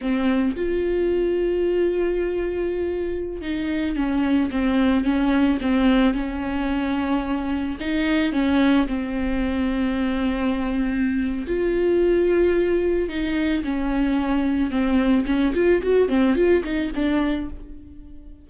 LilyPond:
\new Staff \with { instrumentName = "viola" } { \time 4/4 \tempo 4 = 110 c'4 f'2.~ | f'2~ f'16 dis'4 cis'8.~ | cis'16 c'4 cis'4 c'4 cis'8.~ | cis'2~ cis'16 dis'4 cis'8.~ |
cis'16 c'2.~ c'8.~ | c'4 f'2. | dis'4 cis'2 c'4 | cis'8 f'8 fis'8 c'8 f'8 dis'8 d'4 | }